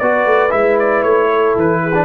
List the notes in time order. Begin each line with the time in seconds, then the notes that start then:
0.00 B3 F#4 B4 D5
0.26 A3
0.50 G#3 E4 E5
0.79 D5
1.04 A3 C#5
1.30 A4
1.56 E3 B4
1.83 G#4
1.95 D4